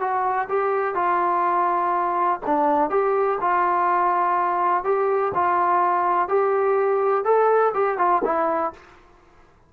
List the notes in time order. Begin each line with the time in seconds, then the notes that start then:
0.00 F#4
0.49 G4
0.95 F4
2.47 D4
2.91 G4
3.41 F4
4.84 G4
5.35 F4
6.29 G4
7.25 A4
7.74 G4
7.98 F4
8.25 E4